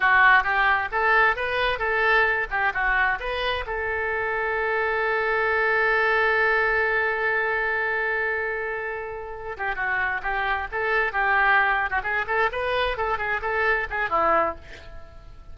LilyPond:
\new Staff \with { instrumentName = "oboe" } { \time 4/4 \tempo 4 = 132 fis'4 g'4 a'4 b'4 | a'4. g'8 fis'4 b'4 | a'1~ | a'1~ |
a'1~ | a'4 g'8 fis'4 g'4 a'8~ | a'8 g'4.~ g'16 fis'16 gis'8 a'8 b'8~ | b'8 a'8 gis'8 a'4 gis'8 e'4 | }